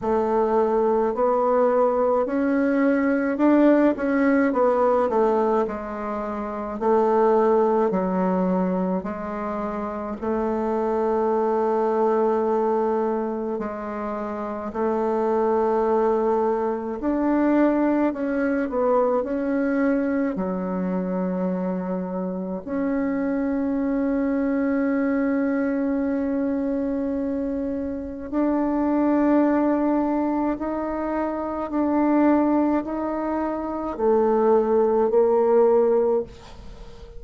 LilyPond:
\new Staff \with { instrumentName = "bassoon" } { \time 4/4 \tempo 4 = 53 a4 b4 cis'4 d'8 cis'8 | b8 a8 gis4 a4 fis4 | gis4 a2. | gis4 a2 d'4 |
cis'8 b8 cis'4 fis2 | cis'1~ | cis'4 d'2 dis'4 | d'4 dis'4 a4 ais4 | }